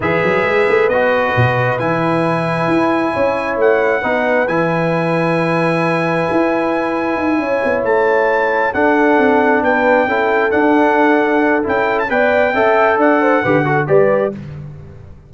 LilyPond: <<
  \new Staff \with { instrumentName = "trumpet" } { \time 4/4 \tempo 4 = 134 e''2 dis''2 | gis''1 | fis''2 gis''2~ | gis''1~ |
gis''4. a''2 fis''8~ | fis''4. g''2 fis''8~ | fis''2 g''8. a''16 g''4~ | g''4 fis''2 d''4 | }
  \new Staff \with { instrumentName = "horn" } { \time 4/4 b'1~ | b'2. cis''4~ | cis''4 b'2.~ | b'1~ |
b'8 cis''2. a'8~ | a'4. b'4 a'4.~ | a'2. d''4 | e''4 d''8 c''8 b'8 a'8 b'4 | }
  \new Staff \with { instrumentName = "trombone" } { \time 4/4 gis'2 fis'2 | e'1~ | e'4 dis'4 e'2~ | e'1~ |
e'2.~ e'8 d'8~ | d'2~ d'8 e'4 d'8~ | d'2 e'4 b'4 | a'2 g'8 fis'8 g'4 | }
  \new Staff \with { instrumentName = "tuba" } { \time 4/4 e8 fis8 gis8 a8 b4 b,4 | e2 e'4 cis'4 | a4 b4 e2~ | e2 e'2 |
dis'8 cis'8 b8 a2 d'8~ | d'8 c'4 b4 cis'4 d'8~ | d'2 cis'4 b4 | cis'4 d'4 d4 g4 | }
>>